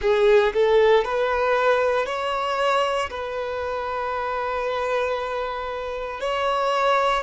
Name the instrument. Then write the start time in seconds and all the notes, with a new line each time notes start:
violin
0.01 G#4
0.53 A4
1.04 B4
2.05 C#5
3.10 B4
6.20 C#5